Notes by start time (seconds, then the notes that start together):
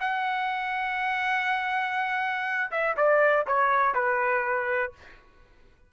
0.00 F#5
2.71 E5
2.97 D5
3.47 C#5
3.94 B4